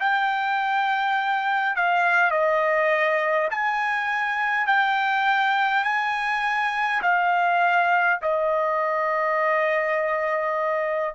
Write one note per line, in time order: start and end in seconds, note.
0.00 1.76 G5
1.76 2.30 F5
2.30 3.48 D#5
3.51 4.67 G#5
4.67 5.84 G5
5.84 7.02 G#5
7.02 8.20 F5
8.22 11.15 D#5